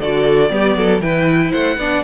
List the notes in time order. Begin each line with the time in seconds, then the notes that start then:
0.00 D3 F#4 A4 D5
0.49 G3 B3 G4
0.76 F#3 A4
1.01 E3 E4 B4 G5
1.52 A3 C5 F#5
1.77 B3 D4 D5